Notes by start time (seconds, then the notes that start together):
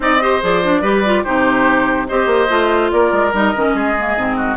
0.00 C4 D#4 D5 D#5
0.21 G4 C5
0.41 F3 G#4 D5
0.63 D4
0.81 G3 G4 B4
1.05 F4
1.23 C3 D#4 G4 C5
2.07 C4 G4 C5 D#5
2.26 A#3
2.48 A3 F4
2.91 A#3 A#4 D5
3.12 G#3
3.33 G3 D#4 D#5
3.55 D#3 C#4
3.74 G#3 G#4
3.98 A#3
4.16 G#2 C4
4.36 F#4